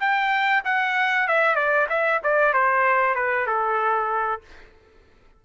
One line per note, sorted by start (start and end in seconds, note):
0.00 0.63 G5
0.65 1.28 F#5
1.28 1.56 E5
1.56 1.87 D5
1.89 2.21 E5
2.23 2.53 D5
2.53 3.15 C5
3.15 3.47 B4
3.47 4.42 A4